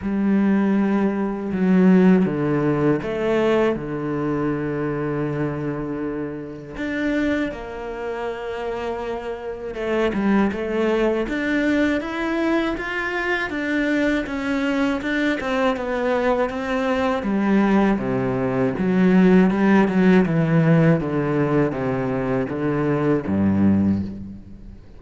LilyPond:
\new Staff \with { instrumentName = "cello" } { \time 4/4 \tempo 4 = 80 g2 fis4 d4 | a4 d2.~ | d4 d'4 ais2~ | ais4 a8 g8 a4 d'4 |
e'4 f'4 d'4 cis'4 | d'8 c'8 b4 c'4 g4 | c4 fis4 g8 fis8 e4 | d4 c4 d4 g,4 | }